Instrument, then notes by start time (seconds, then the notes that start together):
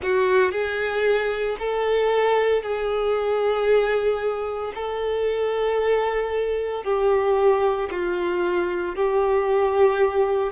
violin
0.02 F#4
0.51 G#4
1.59 A4
2.62 G#4
4.74 A4
6.84 G4
7.90 F4
8.95 G4